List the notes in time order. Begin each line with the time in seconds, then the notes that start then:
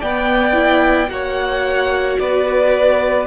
0.00 B3 D5 G5
0.53 E4
1.08 A#3 F#4 C#5 F#5
2.19 B3 B4 D5